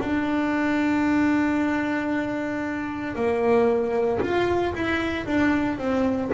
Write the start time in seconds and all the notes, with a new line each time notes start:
0.00 D4
3.15 A#3
4.21 F4
4.74 E4
5.26 D4
5.78 C4